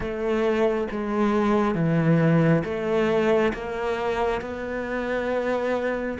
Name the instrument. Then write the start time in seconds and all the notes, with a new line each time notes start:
cello
0.00 A3
0.91 G#3
1.74 E3
2.64 A3
3.53 A#3
4.41 B3